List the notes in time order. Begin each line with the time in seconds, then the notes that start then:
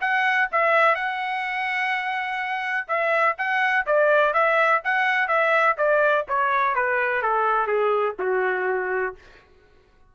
0.00 F#5
0.51 E5
0.94 F#5
2.87 E5
3.38 F#5
3.86 D5
4.33 E5
4.84 F#5
5.27 E5
5.77 D5
6.28 C#5
6.75 B4
7.22 A4
7.67 G#4
8.18 F#4